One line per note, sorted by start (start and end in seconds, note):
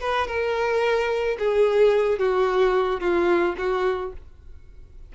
0.00 0.27 B4
0.27 1.37 A#4
1.39 2.19 G#4
2.19 3.01 F#4
3.01 3.56 F4
3.58 4.13 F#4